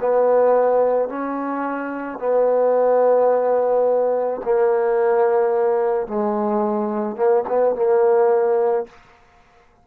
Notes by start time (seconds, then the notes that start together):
0.00 B3
1.09 C#4
2.19 B3
4.44 A#3
6.07 G#3
7.16 A#3
7.48 B3
7.75 A#3